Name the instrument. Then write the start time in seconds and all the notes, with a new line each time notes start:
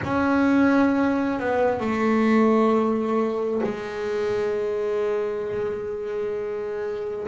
double bass
0.04 C#4
1.39 B3
1.79 A3
3.63 G#3